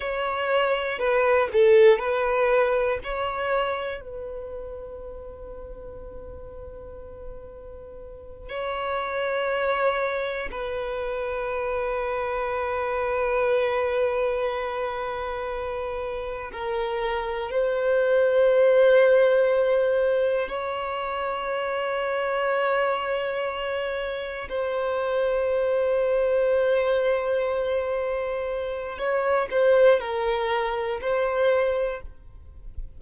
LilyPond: \new Staff \with { instrumentName = "violin" } { \time 4/4 \tempo 4 = 60 cis''4 b'8 a'8 b'4 cis''4 | b'1~ | b'8 cis''2 b'4.~ | b'1~ |
b'8 ais'4 c''2~ c''8~ | c''8 cis''2.~ cis''8~ | cis''8 c''2.~ c''8~ | c''4 cis''8 c''8 ais'4 c''4 | }